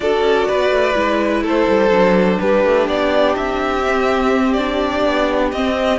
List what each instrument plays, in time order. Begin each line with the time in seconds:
0.00 cello D4, viola F#4, violin A4 D5
0.21 cello C#4
0.48 cello B3, violin B4
0.70 cello A3
0.94 cello G#3, viola E4
1.43 cello A3, violin A4 C5
1.68 cello G3
1.90 cello F#3, viola D4
2.40 cello G3, violin G4 B4
2.64 cello A3
2.87 cello B3, violin D5
3.35 cello C4, violin E5
3.87 viola C4
4.53 viola D4, violin D5
5.05 cello B3
5.52 cello C4, viola C4, violin D#5